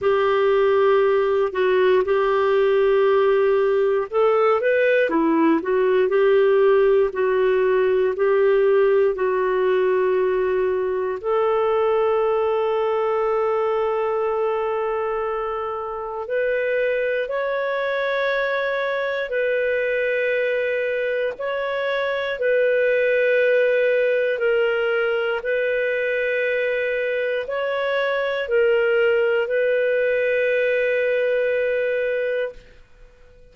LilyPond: \new Staff \with { instrumentName = "clarinet" } { \time 4/4 \tempo 4 = 59 g'4. fis'8 g'2 | a'8 b'8 e'8 fis'8 g'4 fis'4 | g'4 fis'2 a'4~ | a'1 |
b'4 cis''2 b'4~ | b'4 cis''4 b'2 | ais'4 b'2 cis''4 | ais'4 b'2. | }